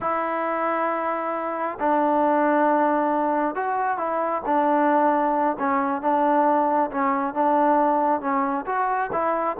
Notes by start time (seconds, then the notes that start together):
0.00 E4
1.79 D4
3.55 F#4
3.97 E4
4.45 D4
5.58 C#4
6.01 D4
6.91 C#4
7.34 D4
8.21 C#4
8.66 F#4
9.12 E4